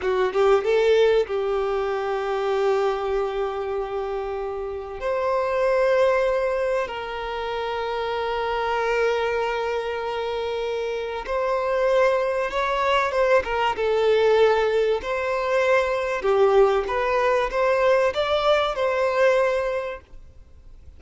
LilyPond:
\new Staff \with { instrumentName = "violin" } { \time 4/4 \tempo 4 = 96 fis'8 g'8 a'4 g'2~ | g'1 | c''2. ais'4~ | ais'1~ |
ais'2 c''2 | cis''4 c''8 ais'8 a'2 | c''2 g'4 b'4 | c''4 d''4 c''2 | }